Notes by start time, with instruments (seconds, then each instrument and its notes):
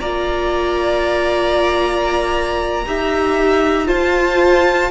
0.00 cello A#3, viola F4, violin D5 A#5
2.86 cello D#4, viola G4, violin E5
3.84 viola F4, cello F4, violin C5 A5